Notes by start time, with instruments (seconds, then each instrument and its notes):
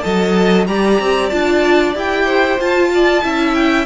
0.00 cello F#3, viola A4, violin D#5 A5
0.67 cello G3, viola G4, violin D5 A#5
1.00 cello C4
1.29 cello D4, viola F4, violin A5
1.95 cello E4, viola G4, violin G5
2.25 violin C5
2.59 cello F4, viola F4, violin A5
2.94 violin D5
3.23 cello C#4, viola E4, violin E5
3.54 violin G5